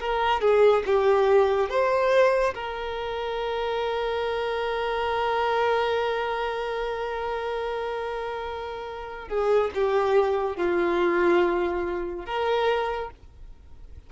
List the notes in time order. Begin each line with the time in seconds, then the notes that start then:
0.00 A#4
0.41 G#4
0.86 G4
1.69 C5
2.54 A#4
9.28 G#4
9.75 G4
10.57 F4
12.25 A#4